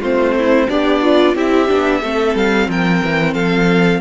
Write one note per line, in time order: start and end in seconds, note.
0.00 0.67 A3
0.00 0.69 C4
0.00 0.34 F4
0.00 0.69 C5
0.38 0.68 E4
0.68 1.35 B3
0.68 1.35 D4
0.68 1.02 G4
0.68 1.36 D5
1.02 1.35 F4
1.35 1.68 C4
1.35 1.68 E4
1.35 2.01 G4
1.35 2.36 E5
1.68 2.03 B3
1.68 2.01 D4
2.01 2.35 A3
2.01 4.01 C4
2.01 2.68 A4
2.35 2.68 G3
2.35 2.70 F5
2.68 3.01 F3
2.68 3.34 A#4
2.68 3.34 G5
3.03 3.34 E3
3.34 4.01 F3
3.34 4.01 A4
3.34 4.00 F5